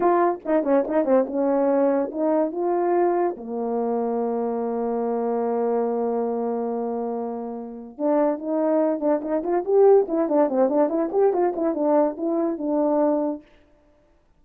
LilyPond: \new Staff \with { instrumentName = "horn" } { \time 4/4 \tempo 4 = 143 f'4 dis'8 cis'8 dis'8 c'8 cis'4~ | cis'4 dis'4 f'2 | ais1~ | ais1~ |
ais2. d'4 | dis'4. d'8 dis'8 f'8 g'4 | e'8 d'8 c'8 d'8 e'8 g'8 f'8 e'8 | d'4 e'4 d'2 | }